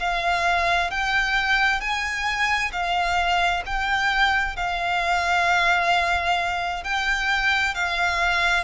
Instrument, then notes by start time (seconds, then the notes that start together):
violin
0.00 F5
0.91 G5
1.81 G#5
2.72 F5
3.66 G5
4.57 F5
6.84 G5
7.75 F5